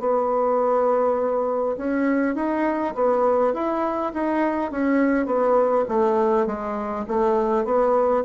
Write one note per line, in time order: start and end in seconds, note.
0.00 1.76 B3
1.77 2.35 C#4
2.35 2.94 D#4
2.95 3.53 B3
3.53 4.12 E4
4.13 4.71 D#4
4.71 5.26 C#4
5.26 5.85 B3
5.88 6.47 A3
6.47 7.05 G#3
7.08 7.65 A3
7.65 8.24 B3